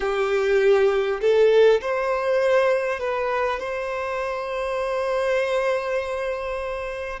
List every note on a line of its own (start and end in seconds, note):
0.00 1.20 G4
1.21 1.81 A4
1.81 2.99 C5
2.99 3.59 B4
3.59 7.19 C5